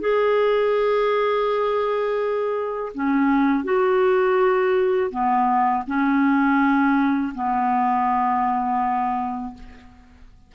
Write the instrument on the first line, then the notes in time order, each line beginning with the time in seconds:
clarinet
0.00 G#4
2.94 C#4
3.64 F#4
5.11 B3
5.87 C#4
7.34 B3